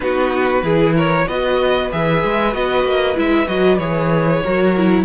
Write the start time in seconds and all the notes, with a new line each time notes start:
0.00 B3 D#4 F#4 B4
0.62 E3 E4 G#4
0.95 A#4 C#5
1.27 B3 F#4 B4 D#5
1.90 E3 G#4 E5
2.24 G#3
2.52 B3 F#4 D#5
2.84 A#3
3.14 G#3 E4 E5
3.47 F#3 F#4 D#5
3.78 E3 G#4 C#5
4.42 F#3 F#4 A#4
4.76 E4